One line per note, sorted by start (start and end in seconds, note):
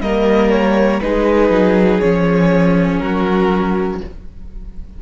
0.00 1.00 G3
0.00 1.02 A#3
0.00 1.01 A#4
0.00 0.50 D#5
0.50 1.00 C#5
1.00 1.50 G#3
1.00 2.01 D#4
1.00 3.02 G#4
1.00 2.00 B4
1.50 2.00 F#3
2.00 3.01 F3
2.00 4.01 C#4
2.00 2.98 C#5
2.98 4.01 F#3
2.98 4.02 F#4
2.98 3.98 A#4